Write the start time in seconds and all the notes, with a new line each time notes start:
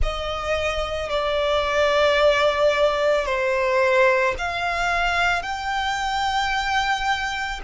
0.02 D#5
1.09 D5
3.25 C5
4.38 F5
5.42 G5